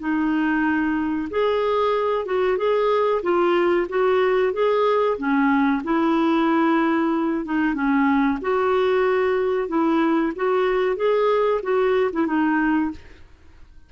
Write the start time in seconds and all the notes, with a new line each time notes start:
0.00 D#4
1.30 G#4
2.26 F#4
2.58 G#4
3.23 F4
3.89 F#4
4.54 G#4
5.18 C#4
5.84 E4
7.46 D#4
7.74 C#4
8.42 F#4
9.69 E4
10.36 F#4
10.97 G#4
11.63 F#4
12.13 E4
12.27 D#4